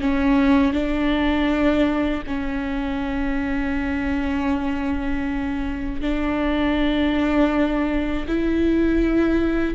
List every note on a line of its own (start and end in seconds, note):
0.00 0.73 C#4
0.73 2.23 D4
2.26 6.01 C#4
6.01 8.26 D4
8.27 9.74 E4